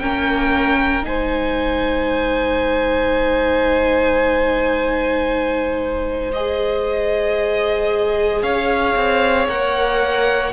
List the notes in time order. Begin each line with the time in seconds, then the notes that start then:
0.00 A#3 C#4 A#4 G5
1.04 G#3 D#4 C5 G#5
6.33 G#4 D#5
8.43 C#4 C#5 F5
8.96 C4
9.48 A#3 A#4 F#5